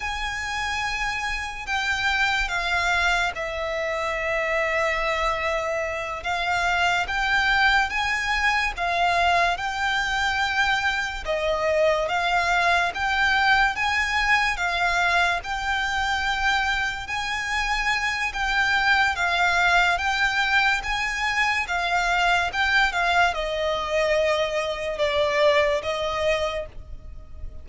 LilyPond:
\new Staff \with { instrumentName = "violin" } { \time 4/4 \tempo 4 = 72 gis''2 g''4 f''4 | e''2.~ e''8 f''8~ | f''8 g''4 gis''4 f''4 g''8~ | g''4. dis''4 f''4 g''8~ |
g''8 gis''4 f''4 g''4.~ | g''8 gis''4. g''4 f''4 | g''4 gis''4 f''4 g''8 f''8 | dis''2 d''4 dis''4 | }